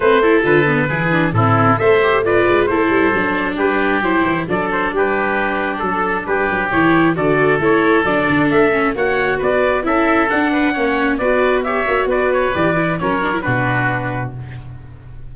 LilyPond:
<<
  \new Staff \with { instrumentName = "trumpet" } { \time 4/4 \tempo 4 = 134 c''4 b'2 a'4 | e''4 d''4 c''2 | b'4 c''4 d''8 c''8 b'4~ | b'4 a'4 b'4 cis''4 |
d''4 cis''4 d''4 e''4 | fis''4 d''4 e''4 fis''4~ | fis''4 d''4 e''4 d''8 cis''8 | d''4 cis''4 b'2 | }
  \new Staff \with { instrumentName = "oboe" } { \time 4/4 b'8 a'4. gis'4 e'4 | c''4 b'4 a'2 | g'2 a'4 g'4~ | g'4 a'4 g'2 |
a'1 | cis''4 b'4 a'4. b'8 | cis''4 b'4 cis''4 b'4~ | b'4 ais'4 fis'2 | }
  \new Staff \with { instrumentName = "viola" } { \time 4/4 c'8 e'8 f'8 b8 e'8 d'8 c'4 | a'8 g'8 f'4 e'4 d'4~ | d'4 e'4 d'2~ | d'2. e'4 |
fis'4 e'4 d'4. cis'8 | fis'2 e'4 d'4 | cis'4 fis'4 g'8 fis'4. | g'8 e'8 cis'8 d'16 e'16 d'2 | }
  \new Staff \with { instrumentName = "tuba" } { \time 4/4 a4 d4 e4 a,4 | a4. gis8 a8 g8 fis4 | g4 fis8 e8 fis4 g4~ | g4 fis4 g8 fis8 e4 |
d4 a4 fis8 d8 a4 | ais4 b4 cis'4 d'4 | ais4 b4. ais8 b4 | e4 fis4 b,2 | }
>>